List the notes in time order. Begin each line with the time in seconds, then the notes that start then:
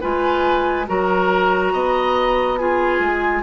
0.00 G#3 F4 B4 G#5
0.87 F#3 F#4 A#4 A#5
1.72 B3 D#5
2.57 F4 G#4 G#5
2.99 G#3